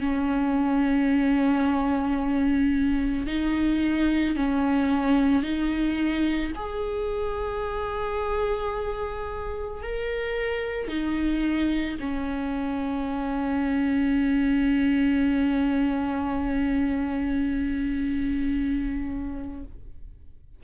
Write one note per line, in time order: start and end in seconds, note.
0.00 3.27 C#4
3.27 4.36 D#4
4.36 5.43 C#4
5.43 6.52 D#4
6.56 9.83 G#4
9.83 10.88 A#4
10.88 11.97 D#4
12.00 19.64 C#4